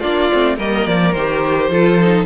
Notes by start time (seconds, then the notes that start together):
0.00 A#3 D4 F4 D5
0.32 A3 C4
0.56 G3 A#3 A#4 D#5
0.86 F3 D5
1.12 D#3 G4 C5
1.69 F3 F4 A4
2.00 D#4